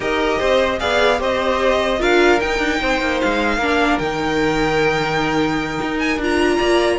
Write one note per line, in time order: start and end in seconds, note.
0.00 0.39 D#4
0.00 0.79 G4
0.00 0.38 A#4
0.00 0.79 D#5
0.38 0.80 C4
0.38 0.78 C5
0.79 1.20 B3
0.79 1.18 G#4
0.79 1.19 D5
0.79 1.19 F5
1.18 2.00 C4
1.18 1.98 G4
1.18 1.99 C5
1.18 2.02 D#5
1.99 2.40 D4
1.99 2.39 F4
1.99 2.79 A#4
1.99 2.40 F5
2.40 3.60 D#4
2.40 2.58 D#4
2.40 3.20 G5
2.58 2.78 D4
2.80 3.00 C4
2.80 3.57 C5
3.00 3.20 A#3
3.20 3.57 G#3
3.20 3.98 F5
3.57 3.97 A#3
3.57 4.01 D4
3.57 6.56 A#4
3.98 5.79 D#3
3.98 6.21 D#4
3.98 5.98 G5
5.81 6.17 D#4
5.99 6.19 G#5
6.17 6.57 D4
6.17 6.98 F4
6.24 6.98 A#5
6.56 6.98 A#3
6.56 6.96 D5